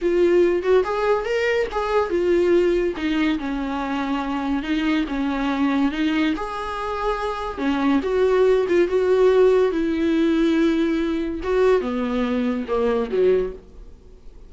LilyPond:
\new Staff \with { instrumentName = "viola" } { \time 4/4 \tempo 4 = 142 f'4. fis'8 gis'4 ais'4 | gis'4 f'2 dis'4 | cis'2. dis'4 | cis'2 dis'4 gis'4~ |
gis'2 cis'4 fis'4~ | fis'8 f'8 fis'2 e'4~ | e'2. fis'4 | b2 ais4 fis4 | }